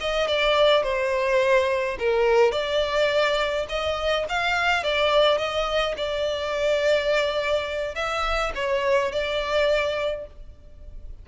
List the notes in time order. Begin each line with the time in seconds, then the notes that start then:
0.00 D#5
0.27 D5
0.83 C5
1.99 A#4
2.52 D5
3.69 D#5
4.29 F5
4.83 D5
5.38 D#5
5.97 D5
7.95 E5
8.55 C#5
9.11 D5